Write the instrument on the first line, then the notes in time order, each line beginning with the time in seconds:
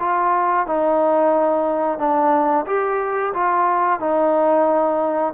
trombone
0.00 F4
0.67 D#4
1.99 D4
2.67 G4
3.34 F4
4.00 D#4